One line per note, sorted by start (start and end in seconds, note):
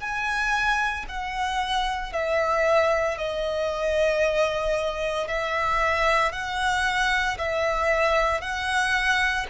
0.00 1.05 G#5
1.09 2.12 F#5
2.12 3.17 E5
3.17 5.28 D#5
5.28 6.32 E5
6.32 7.37 F#5
7.38 8.41 E5
8.41 9.46 F#5